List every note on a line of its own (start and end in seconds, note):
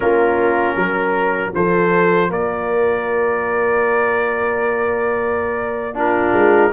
0.00 0.75 A#3
0.00 1.52 C#4
0.00 0.76 F4
0.00 1.53 A#4
0.75 1.52 F#3
0.75 1.53 A#4
1.52 2.30 F3
1.52 5.93 F4
1.52 2.29 A4
1.52 2.31 C5
2.29 6.33 A#3
2.29 5.95 A#4
2.29 5.97 D5
5.93 6.70 D4
5.93 6.72 F4
5.93 6.72 A#4
6.33 6.71 G#3